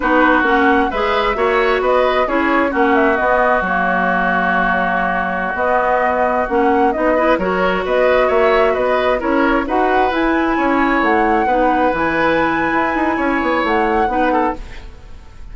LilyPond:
<<
  \new Staff \with { instrumentName = "flute" } { \time 4/4 \tempo 4 = 132 b'4 fis''4 e''2 | dis''4 cis''4 fis''8 e''8 dis''4 | cis''1~ | cis''16 dis''2 fis''4 dis''8.~ |
dis''16 cis''4 dis''4 e''4 dis''8.~ | dis''16 cis''4 fis''4 gis''4.~ gis''16~ | gis''16 fis''2 gis''4.~ gis''16~ | gis''2 fis''2 | }
  \new Staff \with { instrumentName = "oboe" } { \time 4/4 fis'2 b'4 cis''4 | b'4 gis'4 fis'2~ | fis'1~ | fis'2.~ fis'8. b'16~ |
b'16 ais'4 b'4 cis''4 b'8.~ | b'16 ais'4 b'2 cis''8.~ | cis''4~ cis''16 b'2~ b'8.~ | b'4 cis''2 b'8 a'8 | }
  \new Staff \with { instrumentName = "clarinet" } { \time 4/4 dis'4 cis'4 gis'4 fis'4~ | fis'4 e'4 cis'4 b4 | ais1~ | ais16 b2 cis'4 dis'8 e'16~ |
e'16 fis'2.~ fis'8.~ | fis'16 e'4 fis'4 e'4.~ e'16~ | e'4~ e'16 dis'4 e'4.~ e'16~ | e'2. dis'4 | }
  \new Staff \with { instrumentName = "bassoon" } { \time 4/4 b4 ais4 gis4 ais4 | b4 cis'4 ais4 b4 | fis1~ | fis16 b2 ais4 b8.~ |
b16 fis4 b4 ais4 b8.~ | b16 cis'4 dis'4 e'4 cis'8.~ | cis'16 a4 b4 e4.~ e16 | e'8 dis'8 cis'8 b8 a4 b4 | }
>>